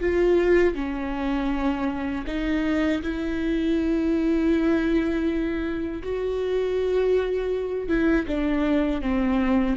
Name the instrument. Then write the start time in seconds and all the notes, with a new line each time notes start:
viola
0.00 F4
0.75 C#4
2.27 D#4
3.02 E4
6.02 F#4
7.88 E4
8.27 D4
9.01 C4